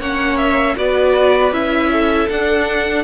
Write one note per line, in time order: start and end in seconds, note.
0.00 0.76 A#3
0.00 0.77 C#4
0.00 0.76 C#5
0.00 0.37 F#5
0.37 0.75 E5
0.77 1.52 B3
0.77 1.53 F#4
0.77 1.91 B4
0.77 1.53 D5
1.52 2.28 C#4
1.52 2.29 E4
1.52 2.29 E5
1.92 3.04 A4
2.29 3.04 D4
2.29 3.04 F#5